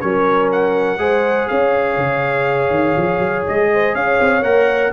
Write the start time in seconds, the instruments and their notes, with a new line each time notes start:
0.00 tuba F#3, trombone C#4, horn A#4, trumpet C#5
0.52 trumpet F#5
0.98 tuba G#3, trombone G#4, horn C5
1.48 tuba C#4, horn C#5, trumpet F5
1.97 tuba C#3
2.70 tuba D#3
2.97 tuba F3
3.19 tuba F#3
3.47 tuba G#3, trumpet D#5
3.73 horn C5
3.94 tuba C#4, horn C#5, trumpet F5
4.20 tuba C4
4.42 tuba A#3, trombone A#4, trumpet F#5